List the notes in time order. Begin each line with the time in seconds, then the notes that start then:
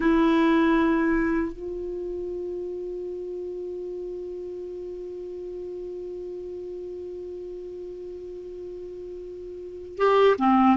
0.00 E4
1.52 F4
9.97 G4
10.38 C4